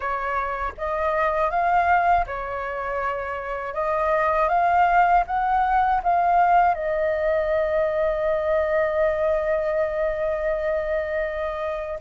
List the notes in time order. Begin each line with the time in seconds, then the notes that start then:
0.00 C#5
0.77 D#5
1.50 F5
2.26 C#5
3.73 D#5
4.48 F5
5.26 F#5
6.03 F5
6.74 D#5